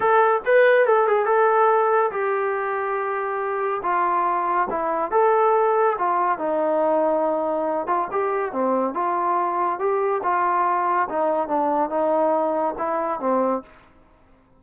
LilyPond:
\new Staff \with { instrumentName = "trombone" } { \time 4/4 \tempo 4 = 141 a'4 b'4 a'8 gis'8 a'4~ | a'4 g'2.~ | g'4 f'2 e'4 | a'2 f'4 dis'4~ |
dis'2~ dis'8 f'8 g'4 | c'4 f'2 g'4 | f'2 dis'4 d'4 | dis'2 e'4 c'4 | }